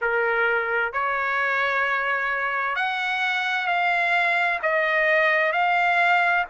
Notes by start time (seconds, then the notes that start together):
0.01 A#4
0.92 C#5
2.75 F#5
3.67 F5
4.62 D#5
5.52 F5